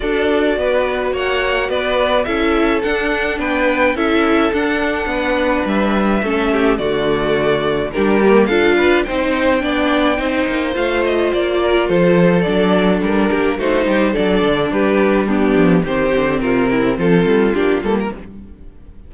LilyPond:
<<
  \new Staff \with { instrumentName = "violin" } { \time 4/4 \tempo 4 = 106 d''2 fis''4 d''4 | e''4 fis''4 g''4 e''4 | fis''2 e''2 | d''2 ais'4 f''4 |
g''2. f''8 dis''8 | d''4 c''4 d''4 ais'4 | c''4 d''4 b'4 g'4 | c''4 ais'4 a'4 g'8 a'16 ais'16 | }
  \new Staff \with { instrumentName = "violin" } { \time 4/4 a'4 b'4 cis''4 b'4 | a'2 b'4 a'4~ | a'4 b'2 a'8 g'8 | fis'2 g'4 a'8 b'8 |
c''4 d''4 c''2~ | c''8 ais'8 a'2~ a'8 g'8 | fis'8 g'8 a'4 g'4 d'4 | g'4 f'8 e'8 f'2 | }
  \new Staff \with { instrumentName = "viola" } { \time 4/4 fis'1 | e'4 d'2 e'4 | d'2. cis'4 | a2 d'8 ais8 f'4 |
dis'4 d'4 dis'4 f'4~ | f'2 d'2 | dis'4 d'2 b4 | c'2. d'8 ais8 | }
  \new Staff \with { instrumentName = "cello" } { \time 4/4 d'4 b4 ais4 b4 | cis'4 d'4 b4 cis'4 | d'4 b4 g4 a4 | d2 g4 d'4 |
c'4 b4 c'8 ais8 a4 | ais4 f4 fis4 g8 ais8 | a8 g8 fis8 d8 g4. f8 | dis8 d8 c4 f8 g8 ais8 g8 | }
>>